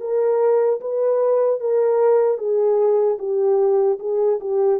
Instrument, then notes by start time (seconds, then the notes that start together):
horn
0.00 A#4
0.80 B4
1.60 A#4
2.37 G#4
3.19 G4
3.99 G#4
4.40 G4